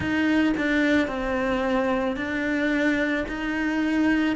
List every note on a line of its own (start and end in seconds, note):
0.00 0.53 D#4
0.57 1.07 D4
1.07 2.16 C4
2.16 3.25 D4
3.28 4.35 D#4